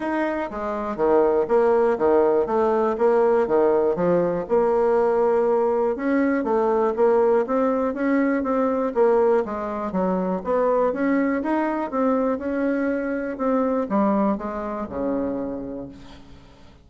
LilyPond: \new Staff \with { instrumentName = "bassoon" } { \time 4/4 \tempo 4 = 121 dis'4 gis4 dis4 ais4 | dis4 a4 ais4 dis4 | f4 ais2. | cis'4 a4 ais4 c'4 |
cis'4 c'4 ais4 gis4 | fis4 b4 cis'4 dis'4 | c'4 cis'2 c'4 | g4 gis4 cis2 | }